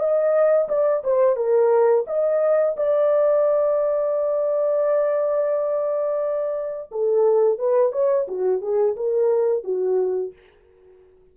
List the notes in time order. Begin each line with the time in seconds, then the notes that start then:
0.00 D#5
0.69 D5
1.04 C5
1.36 A#4
2.08 D#5
2.77 D5
6.92 A4
7.59 B4
7.93 C#5
8.28 F#4
8.62 G#4
8.97 A#4
9.64 F#4